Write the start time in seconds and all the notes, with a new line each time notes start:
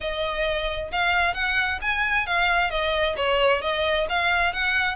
0.00 D#5
0.91 F5
1.33 F#5
1.81 G#5
2.26 F5
2.70 D#5
3.16 C#5
3.61 D#5
4.09 F5
4.53 F#5